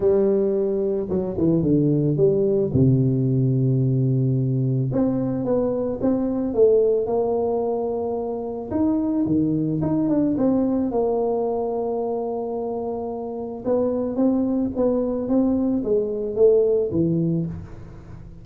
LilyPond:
\new Staff \with { instrumentName = "tuba" } { \time 4/4 \tempo 4 = 110 g2 fis8 e8 d4 | g4 c2.~ | c4 c'4 b4 c'4 | a4 ais2. |
dis'4 dis4 dis'8 d'8 c'4 | ais1~ | ais4 b4 c'4 b4 | c'4 gis4 a4 e4 | }